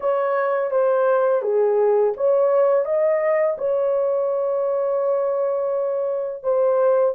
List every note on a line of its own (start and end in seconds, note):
0.00 0.70 C#5
0.70 1.42 C5
1.42 2.13 G#4
2.17 2.85 C#5
2.85 3.56 D#5
3.57 6.43 C#5
6.43 7.14 C5